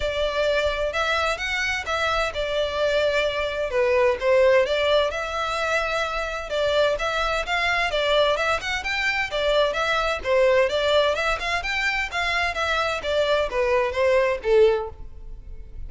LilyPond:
\new Staff \with { instrumentName = "violin" } { \time 4/4 \tempo 4 = 129 d''2 e''4 fis''4 | e''4 d''2. | b'4 c''4 d''4 e''4~ | e''2 d''4 e''4 |
f''4 d''4 e''8 fis''8 g''4 | d''4 e''4 c''4 d''4 | e''8 f''8 g''4 f''4 e''4 | d''4 b'4 c''4 a'4 | }